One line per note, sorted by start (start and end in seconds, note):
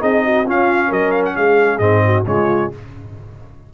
0.00 0.47 C4
0.00 0.45 D#4
0.00 0.23 G#4
0.00 0.47 D#5
0.24 0.45 F#4
0.45 0.91 C#4
0.45 1.80 C#4
0.45 0.88 F4
0.45 0.93 F5
0.88 1.36 F#3
0.88 1.33 A#4
0.88 1.11 D#5
1.11 1.23 F5
1.26 1.36 F#5
1.36 1.80 G#3
1.36 2.05 G#4
1.36 1.79 F5
1.79 2.25 G#2
1.79 2.25 C4
1.79 2.24 D#5
2.06 2.28 F#4
2.27 2.72 C#3
2.27 2.72 G#3
2.27 2.74 F4
2.27 2.72 C#5